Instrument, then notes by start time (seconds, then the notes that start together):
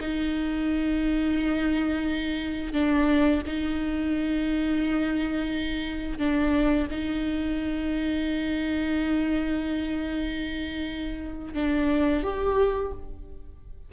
viola
0.00 D#4
2.73 D4
3.46 D#4
6.18 D4
6.90 D#4
11.54 D4
12.23 G4